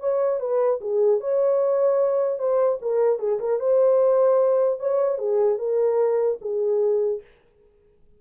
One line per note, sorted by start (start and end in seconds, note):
0.00 0.40 C#5
0.40 0.80 B4
0.81 1.20 G#4
1.20 2.39 C#5
2.39 2.79 C5
2.82 3.19 A#4
3.19 3.39 G#4
3.39 3.59 A#4
3.60 4.80 C5
4.80 5.18 C#5
5.18 5.58 G#4
5.58 6.38 A#4
6.41 7.21 G#4